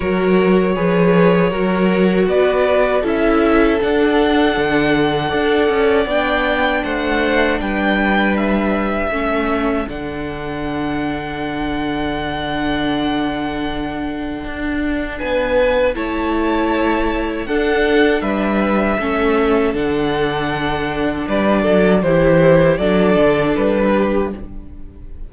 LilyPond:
<<
  \new Staff \with { instrumentName = "violin" } { \time 4/4 \tempo 4 = 79 cis''2. d''4 | e''4 fis''2. | g''4 fis''4 g''4 e''4~ | e''4 fis''2.~ |
fis''1 | gis''4 a''2 fis''4 | e''2 fis''2 | d''4 c''4 d''4 b'4 | }
  \new Staff \with { instrumentName = "violin" } { \time 4/4 ais'4 b'4 ais'4 b'4 | a'2. d''4~ | d''4 c''4 b'2 | a'1~ |
a'1 | b'4 cis''2 a'4 | b'4 a'2. | b'8 a'8 g'4 a'4. g'8 | }
  \new Staff \with { instrumentName = "viola" } { \time 4/4 fis'4 gis'4 fis'2 | e'4 d'2 a'4 | d'1 | cis'4 d'2.~ |
d'1~ | d'4 e'2 d'4~ | d'4 cis'4 d'2~ | d'4 e'4 d'2 | }
  \new Staff \with { instrumentName = "cello" } { \time 4/4 fis4 f4 fis4 b4 | cis'4 d'4 d4 d'8 cis'8 | b4 a4 g2 | a4 d2.~ |
d2. d'4 | b4 a2 d'4 | g4 a4 d2 | g8 fis8 e4 fis8 d8 g4 | }
>>